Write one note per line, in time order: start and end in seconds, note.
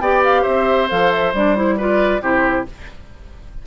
0.00 0.44 B3
0.00 0.89 G4
0.00 0.42 D5
0.00 0.23 G5
0.24 0.44 F5
0.42 0.91 C4
0.42 1.74 C5
0.42 0.88 E5
0.89 1.33 F3
0.89 1.33 A4
0.89 1.12 F5
1.12 1.34 E5
1.33 2.22 G3
1.33 1.56 D4
1.33 1.57 D5
1.56 1.78 E4
1.56 1.79 C5
1.77 2.21 F4
1.77 2.21 B4
1.77 2.22 D5
2.21 2.66 C3
2.21 2.65 E4
2.21 2.66 G4
2.21 2.67 C5